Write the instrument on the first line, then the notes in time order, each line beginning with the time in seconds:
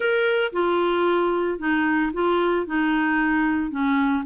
clarinet
0.00 A#4
0.52 F4
1.58 D#4
2.13 F4
2.66 D#4
3.70 C#4